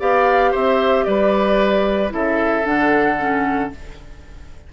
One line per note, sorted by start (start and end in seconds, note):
0.00 0.54 B3
0.00 2.10 G4
0.00 0.52 D5
0.00 0.54 F5
0.52 1.07 C4
0.52 1.05 C5
0.52 1.04 E5
1.04 2.12 G3
1.04 2.14 B4
1.04 2.11 D5
2.10 2.65 C#3
2.10 2.63 E4
2.10 3.73 A4
2.10 2.66 E5
2.63 3.71 D3
2.63 3.17 D4
2.63 3.72 F#5
3.18 3.71 C#4